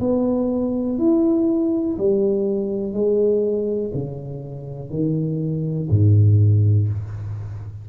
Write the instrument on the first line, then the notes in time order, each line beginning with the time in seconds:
tuba
0.00 B3
0.99 E4
1.98 G3
2.93 G#3
3.94 C#3
4.90 D#3
5.90 G#2